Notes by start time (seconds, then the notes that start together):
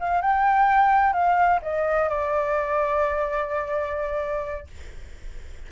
0.00 F5
0.22 G5
1.13 F5
1.62 D#5
2.09 D5